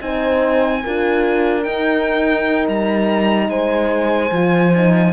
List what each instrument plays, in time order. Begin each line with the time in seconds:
0.00 cello C4, horn D#4 C5, violin G#5
0.84 cello D4, horn F4 A#4
1.63 horn D#4, cello D#4, violin G5
2.68 cello G3, violin A#5
3.49 cello G#3, horn C5, violin G#5
4.31 cello F3, horn F4
4.76 horn D#4